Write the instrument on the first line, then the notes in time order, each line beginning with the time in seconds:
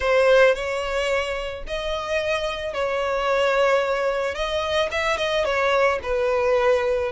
violin
0.00 C5
0.55 C#5
1.67 D#5
2.73 C#5
4.34 D#5
4.91 E5
5.17 D#5
5.44 C#5
6.02 B4